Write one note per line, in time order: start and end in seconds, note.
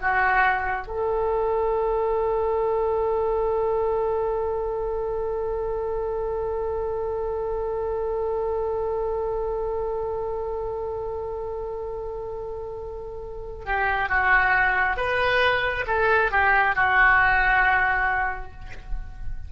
0.00 0.87 F#4
0.87 13.65 A4
13.65 14.09 G4
14.09 14.97 F#4
14.97 15.85 B4
15.87 16.31 A4
16.31 16.75 G4
16.75 18.52 F#4